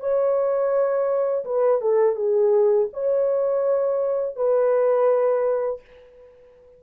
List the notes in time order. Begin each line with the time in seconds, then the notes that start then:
0.00 C#5
1.45 B4
1.81 A4
2.16 G#4
2.93 C#5
4.36 B4